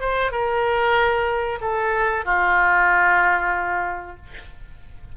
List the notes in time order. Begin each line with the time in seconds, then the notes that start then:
0.00 C5
0.31 A#4
1.61 A4
2.25 F4